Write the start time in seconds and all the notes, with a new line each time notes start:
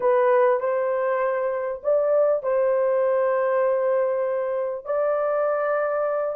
0.00 B4
0.60 C5
1.83 D5
2.42 C5
4.85 D5